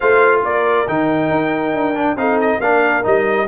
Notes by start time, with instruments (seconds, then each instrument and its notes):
0.00 tuba A3, trombone F4, horn C5, trumpet F5
0.43 tuba A#3, horn A#4, trumpet D5
0.87 tuba D#3, trombone D#4, trumpet G5
1.30 tuba D#4
1.73 tuba D4
1.94 trombone D4
2.15 tuba C4, trombone D#4, horn A4, trumpet F5
2.40 trumpet D#5
2.60 tuba A#3, trombone D4, horn A#4, trumpet F5
3.03 tuba G3, trombone D#4, trumpet D#5